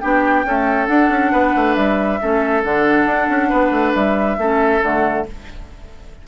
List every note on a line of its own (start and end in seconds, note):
0.00 0.45 B3
0.00 0.46 D4
0.00 0.46 G4
0.00 0.87 G5
0.45 0.88 A3
0.45 0.88 C#4
0.45 1.32 A4
0.87 2.19 D4
0.87 1.10 D4
0.87 1.75 F#5
1.10 1.32 C#4
1.32 1.55 B3
1.32 2.19 B4
1.56 1.76 A3
1.75 2.20 G3
1.75 2.62 E5
2.21 2.64 A3
2.21 2.64 C#4
2.21 3.49 A4
2.64 3.06 D3
2.64 4.39 D4
2.64 3.95 F#5
3.06 3.28 D4
3.30 3.52 C#4
3.49 3.71 B3
3.49 4.37 B4
3.71 3.93 A3
3.95 4.38 G3
3.95 4.82 E5
4.38 4.82 A3
4.38 4.83 C#4
4.38 5.27 A4
4.82 5.26 D3
4.82 5.26 A3
4.82 5.26 F#5